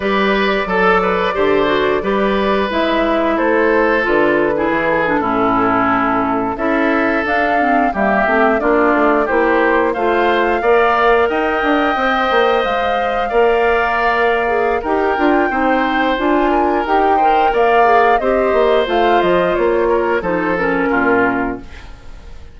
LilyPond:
<<
  \new Staff \with { instrumentName = "flute" } { \time 4/4 \tempo 4 = 89 d''1 | e''4 c''4 b'4~ b'16 a'8.~ | a'4.~ a'16 e''4 f''4 e''16~ | e''8. d''4 c''4 f''4~ f''16~ |
f''8. g''2 f''4~ f''16~ | f''2 g''2 | gis''4 g''4 f''4 dis''4 | f''8 dis''8 cis''4 c''8 ais'4. | }
  \new Staff \with { instrumentName = "oboe" } { \time 4/4 b'4 a'8 b'8 c''4 b'4~ | b'4 a'4.~ a'16 gis'4 e'16~ | e'4.~ e'16 a'2 g'16~ | g'8. f'4 g'4 c''4 d''16~ |
d''8. dis''2. d''16~ | d''2 ais'4 c''4~ | c''8 ais'4 c''8 d''4 c''4~ | c''4. ais'8 a'4 f'4 | }
  \new Staff \with { instrumentName = "clarinet" } { \time 4/4 g'4 a'4 g'8 fis'8 g'4 | e'2 f'8. e'8. d'16 cis'16~ | cis'4.~ cis'16 e'4 d'8 c'8 ais16~ | ais16 c'8 d'4 e'4 f'4 ais'16~ |
ais'4.~ ais'16 c''2 ais'16~ | ais'4. gis'8 g'8 f'8 dis'4 | f'4 g'8 ais'4 gis'8 g'4 | f'2 dis'8 cis'4. | }
  \new Staff \with { instrumentName = "bassoon" } { \time 4/4 g4 fis4 d4 g4 | gis4 a4 d4 e8. a,16~ | a,4.~ a,16 cis'4 d'4 g16~ | g16 a8 ais8 a8 ais4 a4 ais16~ |
ais8. dis'8 d'8 c'8 ais8 gis4 ais16~ | ais2 dis'8 d'8 c'4 | d'4 dis'4 ais4 c'8 ais8 | a8 f8 ais4 f4 ais,4 | }
>>